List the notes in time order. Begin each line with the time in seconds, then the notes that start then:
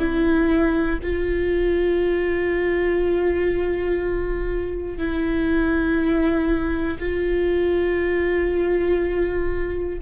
0.00 E4
1.03 F4
4.99 E4
7.00 F4